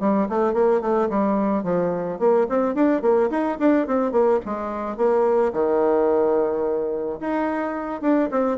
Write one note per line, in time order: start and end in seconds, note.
0.00 0.28 G3
0.29 0.53 A3
0.53 0.81 A#3
0.81 1.09 A3
1.09 1.63 G3
1.63 2.19 F3
2.19 2.47 A#3
2.49 2.75 C4
2.75 3.02 D4
3.02 3.30 A#3
3.30 3.58 D#4
3.59 3.87 D4
3.87 4.12 C4
4.12 4.40 A#3
4.45 4.97 G#3
4.97 5.53 A#3
5.53 7.20 D#3
7.20 8.02 D#4
8.02 8.29 D4
8.31 8.58 C4